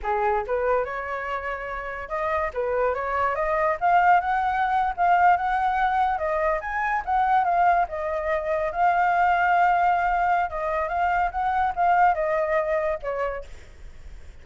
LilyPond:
\new Staff \with { instrumentName = "flute" } { \time 4/4 \tempo 4 = 143 gis'4 b'4 cis''2~ | cis''4 dis''4 b'4 cis''4 | dis''4 f''4 fis''4.~ fis''16 f''16~ | f''8. fis''2 dis''4 gis''16~ |
gis''8. fis''4 f''4 dis''4~ dis''16~ | dis''8. f''2.~ f''16~ | f''4 dis''4 f''4 fis''4 | f''4 dis''2 cis''4 | }